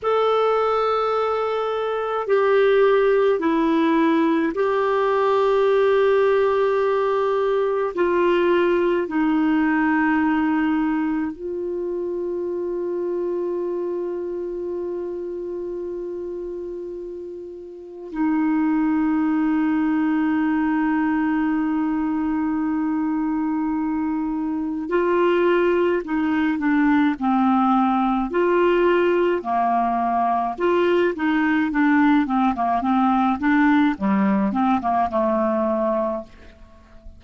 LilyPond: \new Staff \with { instrumentName = "clarinet" } { \time 4/4 \tempo 4 = 53 a'2 g'4 e'4 | g'2. f'4 | dis'2 f'2~ | f'1 |
dis'1~ | dis'2 f'4 dis'8 d'8 | c'4 f'4 ais4 f'8 dis'8 | d'8 c'16 ais16 c'8 d'8 g8 c'16 ais16 a4 | }